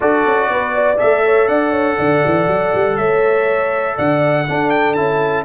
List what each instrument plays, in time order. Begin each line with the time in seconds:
0.00 tuba D4, trombone F#4, horn A4, trumpet D5
0.25 tuba C#4
0.49 tuba B3, horn B4
0.73 horn D5
0.98 tuba A3, trombone A4, trumpet E5
1.25 horn C#5
1.47 tuba D4, horn D5, trumpet F#5
1.71 horn C#5
1.97 tuba D3, horn D5
2.25 tuba E3
2.47 tuba F#3
2.74 tuba G3
2.96 tuba A3, horn C#5, trumpet E5
3.95 tuba D3, horn D5, trumpet F#5
4.47 trombone D4, tuba D4, horn A4
4.70 trumpet G5
4.93 tuba C#4, trombone E4, trumpet A5